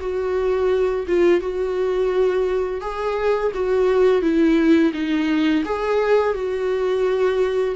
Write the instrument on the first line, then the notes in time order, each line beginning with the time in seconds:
viola
0.00 F#4
1.07 F4
1.41 F#4
2.81 G#4
3.54 F#4
4.21 E4
4.93 D#4
5.65 G#4
6.34 F#4